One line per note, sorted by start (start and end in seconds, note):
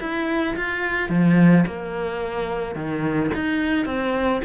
0.00 0.56 E4
0.56 1.09 F4
1.09 1.65 F3
1.67 2.75 A#3
2.75 3.31 D#3
3.35 3.86 D#4
3.86 4.41 C4